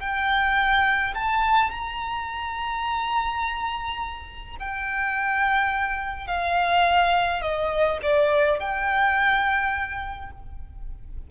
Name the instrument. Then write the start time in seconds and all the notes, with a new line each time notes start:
violin
0.00 G5
1.15 A5
1.71 A#5
4.60 G5
6.28 F5
7.42 D#5
8.03 D5
8.60 G5